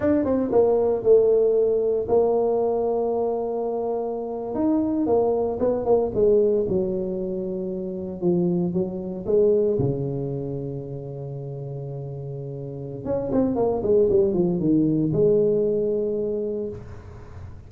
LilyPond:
\new Staff \with { instrumentName = "tuba" } { \time 4/4 \tempo 4 = 115 d'8 c'8 ais4 a2 | ais1~ | ais8. dis'4 ais4 b8 ais8 gis16~ | gis8. fis2. f16~ |
f8. fis4 gis4 cis4~ cis16~ | cis1~ | cis4 cis'8 c'8 ais8 gis8 g8 f8 | dis4 gis2. | }